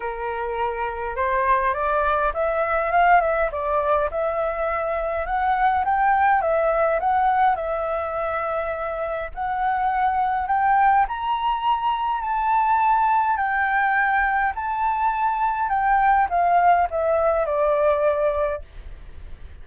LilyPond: \new Staff \with { instrumentName = "flute" } { \time 4/4 \tempo 4 = 103 ais'2 c''4 d''4 | e''4 f''8 e''8 d''4 e''4~ | e''4 fis''4 g''4 e''4 | fis''4 e''2. |
fis''2 g''4 ais''4~ | ais''4 a''2 g''4~ | g''4 a''2 g''4 | f''4 e''4 d''2 | }